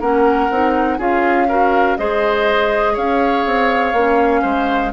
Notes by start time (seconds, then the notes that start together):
0.00 A#3 C#4 A#4 F#5
0.50 C4 D#4
0.98 C#4 F4 G#4 F5
1.49 F#4 A#4
1.97 G#3 G#4 C5 D#5
2.93 C#4 C#5 F5
3.46 C4
3.93 A#3 C#4
4.42 G#3 C5